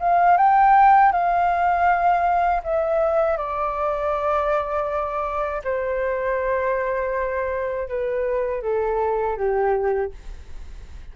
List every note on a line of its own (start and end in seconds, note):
0.00 0.38 F5
0.38 1.12 G5
1.12 2.62 F5
2.64 3.38 E5
3.38 5.62 D5
5.65 7.89 C5
7.89 8.62 B4
8.62 9.37 A4
9.37 10.12 G4